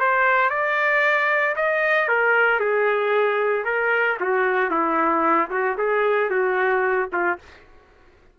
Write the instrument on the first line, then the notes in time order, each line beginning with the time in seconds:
trumpet
0.00 C5
0.50 D5
1.56 D#5
2.09 A#4
2.60 G#4
3.65 A#4
4.20 F#4
4.70 E4
5.50 F#4
5.78 G#4
6.30 F#4
7.13 F4